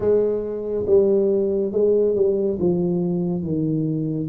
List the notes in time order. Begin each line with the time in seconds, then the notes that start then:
0.00 G#3
0.86 G3
1.72 G#3
2.15 G3
2.59 F3
3.42 D#3